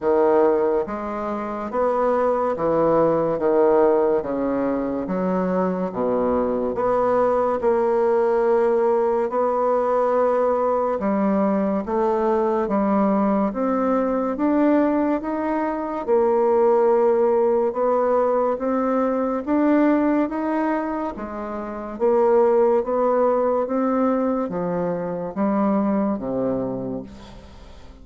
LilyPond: \new Staff \with { instrumentName = "bassoon" } { \time 4/4 \tempo 4 = 71 dis4 gis4 b4 e4 | dis4 cis4 fis4 b,4 | b4 ais2 b4~ | b4 g4 a4 g4 |
c'4 d'4 dis'4 ais4~ | ais4 b4 c'4 d'4 | dis'4 gis4 ais4 b4 | c'4 f4 g4 c4 | }